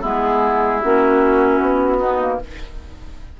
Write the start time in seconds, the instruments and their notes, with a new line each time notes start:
0.00 bassoon G#3, clarinet B3, oboe E4, flute G#4
0.82 bassoon A#3, clarinet C#4, flute F#4
1.60 bassoon B3
1.98 clarinet B3, oboe D#4
2.20 clarinet A#3